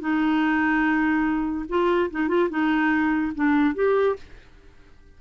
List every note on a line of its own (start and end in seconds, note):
0.00 1.66 D#4
1.69 2.10 F4
2.11 2.28 D#4
2.28 2.49 F4
2.50 3.33 D#4
3.35 3.75 D4
3.75 4.16 G4